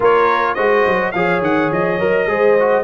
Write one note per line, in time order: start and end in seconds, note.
0.00 0.57 A#3
0.00 0.56 F4
0.00 0.55 A#4
0.00 0.54 C#5
0.54 0.86 G#3
0.54 1.13 F#4
0.54 1.12 C5
0.54 1.11 D#5
0.86 1.14 F#3
1.11 1.41 F3
1.11 2.00 G#4
1.11 2.28 C#5
1.11 1.40 F5
1.41 1.69 D#3
1.41 1.72 F#5
1.71 2.00 F3
1.71 2.83 D#5
2.00 2.26 F#3
2.00 2.28 A#4
2.26 2.83 G#3
2.26 2.57 G#4
2.26 2.83 C5
2.59 2.83 F#4